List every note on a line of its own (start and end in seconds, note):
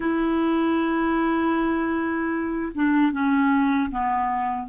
0.00 2.72 E4
2.74 3.12 D4
3.12 3.90 C#4
3.90 4.68 B3